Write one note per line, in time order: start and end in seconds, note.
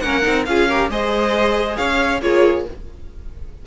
0.00 0.26 A#3
0.00 0.23 C#4
0.00 0.46 A#4
0.00 0.44 F#5
0.23 0.47 C4
0.23 0.44 D#4
0.45 0.89 C#4
0.45 0.69 F4
0.45 0.68 G#4
0.45 0.89 F5
0.68 0.91 G4
0.68 0.90 A#4
0.89 1.77 G#3
0.89 2.22 G#4
0.89 1.77 C5
0.89 1.77 D#5
1.77 2.22 C#4
1.77 2.21 C#5
1.77 2.21 F5
2.22 2.65 A#3
2.22 2.66 F4
2.22 2.66 G#4
2.22 2.66 C#5